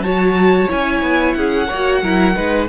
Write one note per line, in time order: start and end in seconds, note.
0.00 0.67 F#3
0.00 0.68 F#4
0.00 1.37 C#5
0.00 0.70 A5
0.68 1.02 C#4
0.68 1.68 E4
0.68 1.35 G#5
1.02 1.36 B3
1.35 1.70 C#4
1.35 1.68 G#4
1.35 2.68 F#5
1.68 2.03 A#3
1.68 2.02 C#5
1.74 2.04 F#4
2.03 2.36 F#3
2.03 2.35 E4
2.03 2.36 A#4
2.35 2.70 G#3
2.35 2.69 D#4
2.35 2.70 B4